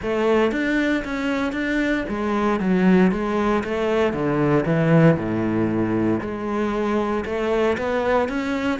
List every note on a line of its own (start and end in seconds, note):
0.01 0.51 A3
0.51 1.03 D4
1.04 1.52 C#4
1.52 2.04 D4
2.09 2.60 G#3
2.60 3.11 F#3
3.11 3.63 G#3
3.64 4.13 A3
4.13 4.64 D3
4.65 5.17 E3
5.17 6.20 A2
6.20 7.24 G#3
7.25 7.77 A3
7.77 8.29 B3
8.29 8.79 C#4